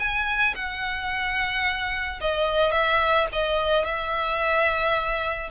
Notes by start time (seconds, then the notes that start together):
0.00 G#5
0.56 F#5
2.21 D#5
2.72 E5
3.33 D#5
3.85 E5